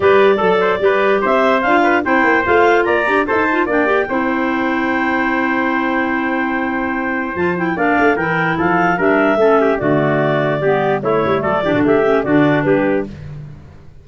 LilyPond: <<
  \new Staff \with { instrumentName = "clarinet" } { \time 4/4 \tempo 4 = 147 d''2. e''4 | f''4 g''4 f''4 ais''4 | a''4 g''2.~ | g''1~ |
g''2 a''8 g''8 f''4 | g''4 f''4 e''2 | d''2. cis''4 | d''4 e''4 d''4 b'4 | }
  \new Staff \with { instrumentName = "trumpet" } { \time 4/4 b'4 a'8 c''8 b'4 c''4~ | c''8 b'8 c''2 d''4 | c''4 d''4 c''2~ | c''1~ |
c''2. d''4 | ais'4 a'4 ais'4 a'8 g'8 | fis'2 g'4 e'4 | a'8 g'16 fis'16 g'4 fis'4 g'4 | }
  \new Staff \with { instrumentName = "clarinet" } { \time 4/4 g'4 a'4 g'2 | f'4 e'4 f'4. g'8 | a'8 f'8 d'8 g'8 e'2~ | e'1~ |
e'2 f'8 e'8 d'4 | e'2 d'4 cis'4 | a2 b4 a4~ | a8 d'4 cis'8 d'2 | }
  \new Staff \with { instrumentName = "tuba" } { \time 4/4 g4 fis4 g4 c'4 | d'4 c'8 ais8 a4 ais8 d'8 | dis'4 ais4 c'2~ | c'1~ |
c'2 f4 ais8 a8 | e4 f4 g4 a4 | d2 g4 a8 g8 | fis8 e16 d16 a4 d4 g4 | }
>>